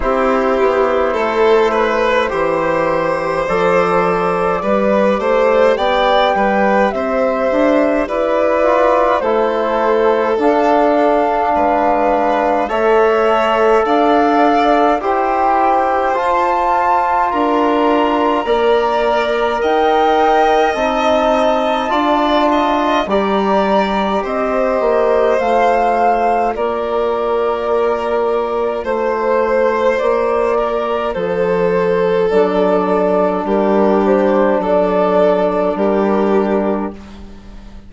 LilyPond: <<
  \new Staff \with { instrumentName = "flute" } { \time 4/4 \tempo 4 = 52 c''2. d''4~ | d''4 g''4 e''4 d''4 | c''4 f''2 e''4 | f''4 g''4 a''4 ais''4~ |
ais''4 g''4 a''2 | ais''4 dis''4 f''4 d''4~ | d''4 c''4 d''4 c''4 | d''4 ais'8 c''8 d''4 ais'4 | }
  \new Staff \with { instrumentName = "violin" } { \time 4/4 g'4 a'8 b'8 c''2 | b'8 c''8 d''8 b'8 c''4 b'4 | a'2 b'4 cis''4 | d''4 c''2 ais'4 |
d''4 dis''2 d''8 dis''8 | d''4 c''2 ais'4~ | ais'4 c''4. ais'8 a'4~ | a'4 g'4 a'4 g'4 | }
  \new Staff \with { instrumentName = "trombone" } { \time 4/4 e'2 g'4 a'4 | g'2.~ g'8 f'8 | e'4 d'2 a'4~ | a'4 g'4 f'2 |
ais'2 dis'4 f'4 | g'2 f'2~ | f'1 | d'1 | }
  \new Staff \with { instrumentName = "bassoon" } { \time 4/4 c'8 b8 a4 e4 f4 | g8 a8 b8 g8 c'8 d'8 e'4 | a4 d'4 gis4 a4 | d'4 e'4 f'4 d'4 |
ais4 dis'4 c'4 d'4 | g4 c'8 ais8 a4 ais4~ | ais4 a4 ais4 f4 | fis4 g4 fis4 g4 | }
>>